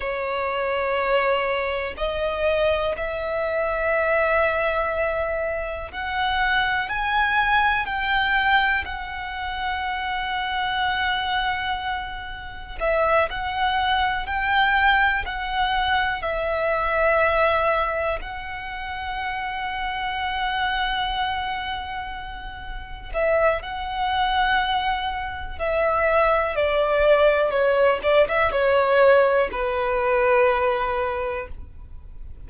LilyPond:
\new Staff \with { instrumentName = "violin" } { \time 4/4 \tempo 4 = 61 cis''2 dis''4 e''4~ | e''2 fis''4 gis''4 | g''4 fis''2.~ | fis''4 e''8 fis''4 g''4 fis''8~ |
fis''8 e''2 fis''4.~ | fis''2.~ fis''8 e''8 | fis''2 e''4 d''4 | cis''8 d''16 e''16 cis''4 b'2 | }